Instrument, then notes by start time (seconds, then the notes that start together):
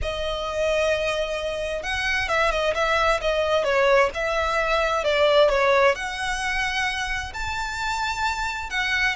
violin
0.02 D#5
1.82 F#5
2.28 E5
2.51 D#5
2.74 E5
3.21 D#5
3.64 C#5
4.14 E5
5.03 D5
5.49 C#5
5.95 F#5
7.33 A5
8.70 F#5